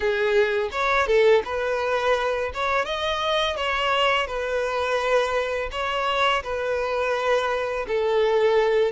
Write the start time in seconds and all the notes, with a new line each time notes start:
0.00 G#4
0.71 C#5
1.06 A4
1.44 B4
2.54 C#5
2.85 D#5
3.56 C#5
4.26 B4
5.71 C#5
6.43 B4
7.87 A4